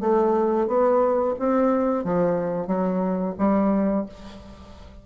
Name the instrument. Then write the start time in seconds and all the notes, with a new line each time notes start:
bassoon
0.00 A3
0.67 B3
1.39 C4
2.04 F3
2.67 F#3
3.38 G3